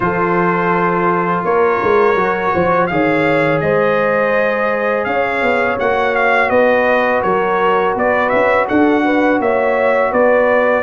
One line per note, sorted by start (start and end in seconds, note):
0.00 1.43 F3
0.00 2.15 F4
0.00 1.47 A4
0.00 1.44 C5
1.44 1.80 A#3
1.44 2.53 A#4
1.44 2.86 C#5
1.82 2.14 G#3
2.14 2.50 F#3
2.14 2.89 F#4
2.53 2.90 F3
2.53 2.90 C5
2.86 3.61 D#3
2.86 5.78 G#4
2.86 3.63 C#5
2.86 3.59 F5
3.60 5.06 G#3
3.60 5.07 C5
3.60 5.04 D#5
5.04 5.42 C#4
5.04 6.50 C#5
5.04 5.76 F5
5.42 5.78 B3
5.79 6.50 A#3
5.79 10.82 F#4
5.79 6.15 F#5
6.15 6.49 F5
6.49 7.22 B3
6.49 7.22 B4
6.49 7.21 D#5
7.22 7.95 F#3
7.22 7.94 A#4
7.22 7.94 C#5
7.94 8.31 B3
7.94 8.67 B4
7.94 8.29 D5
8.29 8.69 C#4
8.29 8.65 E5
8.67 9.39 D4
8.67 9.03 A4
8.67 9.40 F#5
9.04 9.40 B4
9.39 10.11 A#3
9.39 10.11 C#5
9.39 10.12 E5
10.11 10.82 B3
10.11 10.82 B4
10.11 10.82 D5